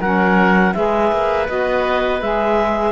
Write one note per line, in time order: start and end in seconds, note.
0.00 0.74 F#3
0.00 0.74 C#4
0.00 0.73 A#4
0.00 0.73 F#5
0.73 1.12 G#3
0.73 1.47 G#4
0.73 2.92 B4
0.73 1.46 E5
1.12 1.48 A#3
1.47 2.21 B3
1.47 2.20 F#4
1.47 2.21 D#5
2.21 2.92 G#3
2.21 2.92 G#4
2.21 2.92 E5